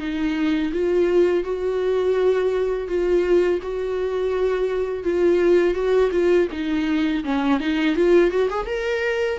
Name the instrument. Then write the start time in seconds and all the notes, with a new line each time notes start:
viola
0.00 D#4
0.73 F4
1.44 F#4
2.88 F4
3.62 F#4
5.04 F4
5.74 F#4
6.12 F4
6.52 D#4
7.25 C#4
7.60 D#4
7.96 F4
8.31 F#4
8.50 G#4
8.66 A#4